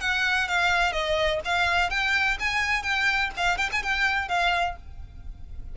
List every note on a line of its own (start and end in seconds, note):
0.00 0.48 F#5
0.48 0.92 F5
0.92 1.40 D#5
1.45 1.90 F5
1.90 2.37 G5
2.39 2.83 G#5
2.83 3.30 G5
3.36 3.57 F5
3.57 3.69 G5
3.72 3.83 G#5
3.83 4.28 G5
4.28 4.76 F5